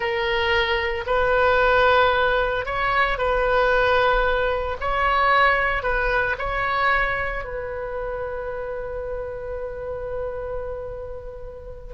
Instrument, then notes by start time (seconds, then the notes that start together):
oboe
0.00 A#4
1.06 B4
2.65 C#5
3.18 B4
4.80 C#5
5.83 B4
6.38 C#5
7.44 B4